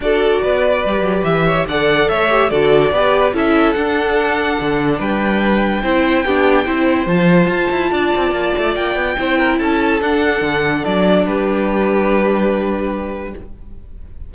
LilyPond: <<
  \new Staff \with { instrumentName = "violin" } { \time 4/4 \tempo 4 = 144 d''2. e''4 | fis''4 e''4 d''2 | e''4 fis''2. | g''1~ |
g''4 a''2.~ | a''4 g''2 a''4 | fis''2 d''4 b'4~ | b'1 | }
  \new Staff \with { instrumentName = "violin" } { \time 4/4 a'4 b'2~ b'8 cis''8 | d''4 cis''4 a'4 b'4 | a'1 | b'2 c''4 g'4 |
c''2. d''4~ | d''2 c''8 ais'8 a'4~ | a'2. g'4~ | g'1 | }
  \new Staff \with { instrumentName = "viola" } { \time 4/4 fis'2 g'2 | a'4. g'8 fis'4 g'4 | e'4 d'2.~ | d'2 e'4 d'4 |
e'4 f'2.~ | f'2 e'2 | d'1~ | d'1 | }
  \new Staff \with { instrumentName = "cello" } { \time 4/4 d'4 b4 g8 fis8 e4 | d4 a4 d4 b4 | cis'4 d'2 d4 | g2 c'4 b4 |
c'4 f4 f'8 e'8 d'8 c'8 | ais8 a8 ais8 b8 c'4 cis'4 | d'4 d4 fis4 g4~ | g1 | }
>>